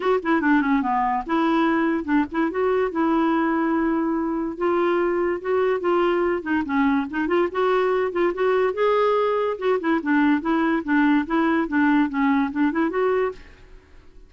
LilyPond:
\new Staff \with { instrumentName = "clarinet" } { \time 4/4 \tempo 4 = 144 fis'8 e'8 d'8 cis'8 b4 e'4~ | e'4 d'8 e'8 fis'4 e'4~ | e'2. f'4~ | f'4 fis'4 f'4. dis'8 |
cis'4 dis'8 f'8 fis'4. f'8 | fis'4 gis'2 fis'8 e'8 | d'4 e'4 d'4 e'4 | d'4 cis'4 d'8 e'8 fis'4 | }